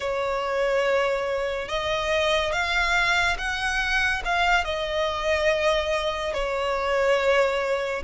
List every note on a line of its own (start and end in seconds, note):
0.00 1.68 C#5
1.68 2.52 D#5
2.52 3.36 F5
3.38 4.22 F#5
4.24 4.64 F5
4.64 6.33 D#5
6.33 8.02 C#5